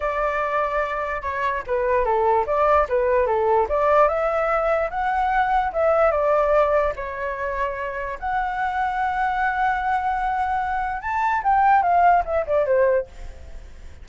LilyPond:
\new Staff \with { instrumentName = "flute" } { \time 4/4 \tempo 4 = 147 d''2. cis''4 | b'4 a'4 d''4 b'4 | a'4 d''4 e''2 | fis''2 e''4 d''4~ |
d''4 cis''2. | fis''1~ | fis''2. a''4 | g''4 f''4 e''8 d''8 c''4 | }